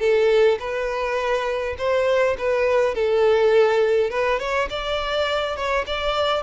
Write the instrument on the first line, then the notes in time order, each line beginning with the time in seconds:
violin
0.00 A4
0.60 B4
1.79 C5
2.38 B4
2.95 A4
4.10 B4
4.40 C#5
4.70 D5
5.56 C#5
5.87 D5